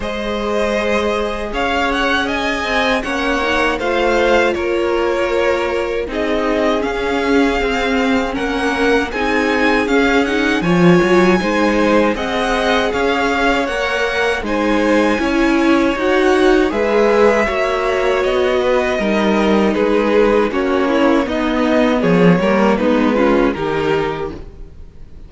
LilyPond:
<<
  \new Staff \with { instrumentName = "violin" } { \time 4/4 \tempo 4 = 79 dis''2 f''8 fis''8 gis''4 | fis''4 f''4 cis''2 | dis''4 f''2 fis''4 | gis''4 f''8 fis''8 gis''2 |
fis''4 f''4 fis''4 gis''4~ | gis''4 fis''4 e''2 | dis''2 b'4 cis''4 | dis''4 cis''4 b'4 ais'4 | }
  \new Staff \with { instrumentName = "violin" } { \time 4/4 c''2 cis''4 dis''4 | cis''4 c''4 ais'2 | gis'2. ais'4 | gis'2 cis''4 c''4 |
dis''4 cis''2 c''4 | cis''2 b'4 cis''4~ | cis''8 b'8 ais'4 gis'4 fis'8 e'8 | dis'4 gis'8 ais'8 dis'8 f'8 g'4 | }
  \new Staff \with { instrumentName = "viola" } { \time 4/4 gis'1 | cis'8 dis'8 f'2. | dis'4 cis'4 c'4 cis'4 | dis'4 cis'8 dis'8 f'4 dis'4 |
gis'2 ais'4 dis'4 | e'4 fis'4 gis'4 fis'4~ | fis'4 dis'2 cis'4 | b4. ais8 b8 cis'8 dis'4 | }
  \new Staff \with { instrumentName = "cello" } { \time 4/4 gis2 cis'4. c'8 | ais4 a4 ais2 | c'4 cis'4 c'4 ais4 | c'4 cis'4 f8 fis8 gis4 |
c'4 cis'4 ais4 gis4 | cis'4 dis'4 gis4 ais4 | b4 g4 gis4 ais4 | b4 f8 g8 gis4 dis4 | }
>>